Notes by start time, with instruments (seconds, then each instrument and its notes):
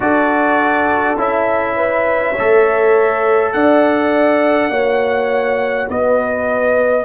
0.00 tuba D4, trombone F#4, horn A4, trumpet D5
1.16 tuba C#4, trombone E4, trumpet E5
1.76 horn B4
2.33 tuba A3, trombone A4, horn C#5
3.52 tuba D4, horn D5, trumpet F#5
4.69 tuba A#3, trombone F#4, horn C#5
5.89 tuba B3, horn B4, trumpet D#5